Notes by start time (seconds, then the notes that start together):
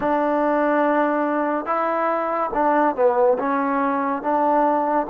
0.00 D4
1.65 E4
2.54 D4
2.95 B3
3.38 C#4
4.22 D4